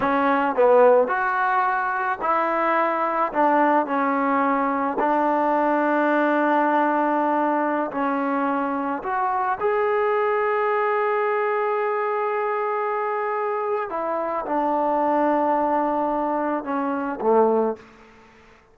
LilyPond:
\new Staff \with { instrumentName = "trombone" } { \time 4/4 \tempo 4 = 108 cis'4 b4 fis'2 | e'2 d'4 cis'4~ | cis'4 d'2.~ | d'2~ d'16 cis'4.~ cis'16~ |
cis'16 fis'4 gis'2~ gis'8.~ | gis'1~ | gis'4 e'4 d'2~ | d'2 cis'4 a4 | }